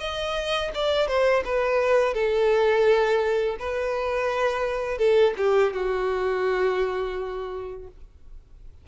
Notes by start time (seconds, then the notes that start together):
0.00 D#5
0.75 D5
1.08 C5
1.45 B4
2.14 A4
3.59 B4
4.98 A4
5.38 G4
5.73 F#4